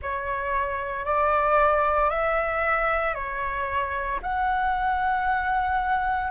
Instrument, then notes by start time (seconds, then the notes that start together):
flute
0.02 C#5
1.05 D5
2.10 E5
3.14 C#5
4.22 F#5